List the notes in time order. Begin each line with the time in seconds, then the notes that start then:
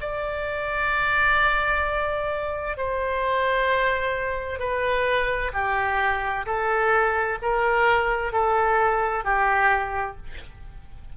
0.00 D5
2.77 C5
4.59 B4
5.53 G4
6.46 A4
7.41 A#4
8.32 A4
9.24 G4